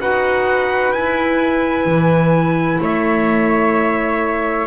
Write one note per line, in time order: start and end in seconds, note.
0.00 0.92 D#4
0.00 0.95 F#4
0.00 2.80 B4
0.00 0.92 F#5
0.92 1.86 E4
0.92 4.67 E4
0.92 2.80 G#5
1.86 2.79 E3
2.80 4.67 A3
2.80 4.67 C#5
2.80 4.67 E5